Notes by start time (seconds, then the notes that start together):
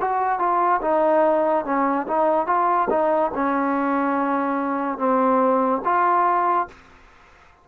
0.00 F#4
0.39 F4
0.81 D#4
1.65 C#4
2.07 D#4
2.46 F4
2.90 D#4
3.34 C#4
4.98 C4
5.84 F4